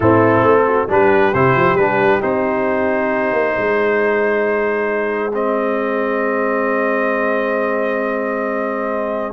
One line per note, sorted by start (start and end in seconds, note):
0.00 0.41 A2
0.00 0.88 C4
0.00 0.63 E4
0.00 0.89 A4
0.41 0.85 A3
0.67 0.89 F#4
0.88 1.32 G3
0.88 1.32 D4
0.88 3.55 G4
0.88 1.34 B4
1.33 1.55 C3
1.33 1.78 E4
1.33 1.76 C5
1.55 1.74 F3
1.74 2.18 G3
1.74 2.20 D4
1.74 2.20 B4
2.20 3.32 C4
2.20 5.31 D#4
2.20 5.33 C5
3.32 3.54 A#3
3.55 9.33 G#3
3.55 9.32 G#4
5.33 9.33 C4
5.33 9.33 D#5